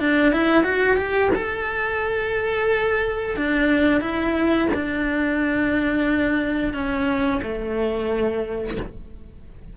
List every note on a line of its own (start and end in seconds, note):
0.00 0.33 D4
0.33 0.64 E4
0.64 0.97 F#4
0.97 1.31 G4
1.35 3.37 A4
3.37 4.01 D4
4.01 4.69 E4
4.75 6.74 D4
6.74 7.42 C#4
7.43 8.78 A3